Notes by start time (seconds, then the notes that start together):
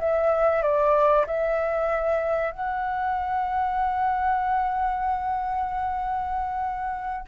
0.00 E5
0.63 D5
1.27 E5
2.52 F#5